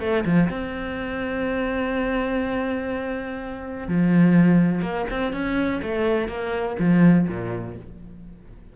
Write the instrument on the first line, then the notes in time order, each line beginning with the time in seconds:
cello
0.00 A3
0.25 F3
0.49 C4
3.88 F3
4.81 A#3
5.10 C4
5.32 C#4
5.82 A3
6.28 A#3
6.79 F3
7.28 A#2